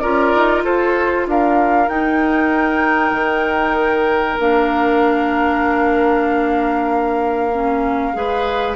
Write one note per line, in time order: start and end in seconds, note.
0.00 0.35 C#4
0.00 1.89 F4
0.00 0.64 A#4
0.00 0.62 D5
0.35 0.65 D#4
0.65 1.27 F4
0.65 1.27 A4
0.65 1.27 C5
1.27 1.89 D4
1.27 8.17 A#4
1.27 1.89 F5
1.89 3.12 D#4
1.89 4.39 D#4
1.89 4.39 G5
3.12 4.37 D#3
4.39 8.15 A#3
4.39 7.52 D4
4.39 8.76 F5
7.52 8.14 C#4
8.14 8.76 G#3
8.14 8.76 G#4
8.14 8.76 B4